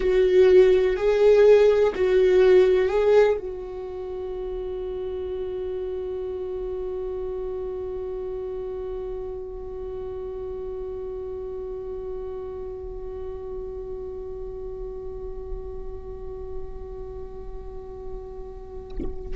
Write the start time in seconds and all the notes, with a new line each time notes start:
0.00 F#4
0.96 G#4
1.95 F#4
2.89 G#4
3.38 F#4